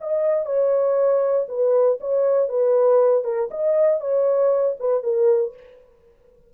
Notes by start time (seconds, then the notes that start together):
0.00 D#5
0.45 C#5
1.48 B4
2.00 C#5
2.49 B4
3.24 A#4
3.51 D#5
4.00 C#5
4.79 B4
5.03 A#4